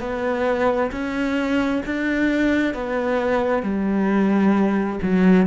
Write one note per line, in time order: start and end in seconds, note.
0.00 0.91 B3
0.92 1.83 C#4
1.85 2.74 D4
2.74 3.62 B3
3.62 4.99 G3
5.02 5.46 F#3